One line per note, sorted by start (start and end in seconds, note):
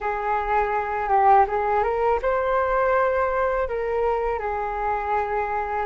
0.00 1.08 G#4
1.08 1.45 G4
1.47 1.83 G#4
1.83 2.20 A#4
2.22 3.68 C5
3.68 4.39 A#4
4.39 5.85 G#4